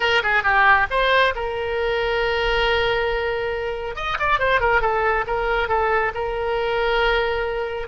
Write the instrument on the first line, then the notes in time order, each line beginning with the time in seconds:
oboe
0.00 A#4
0.22 G#4
0.43 G4
0.90 C5
1.35 A#4
3.95 D#5
4.19 D5
4.39 C5
4.60 A#4
4.81 A4
5.27 A#4
5.68 A4
6.14 A#4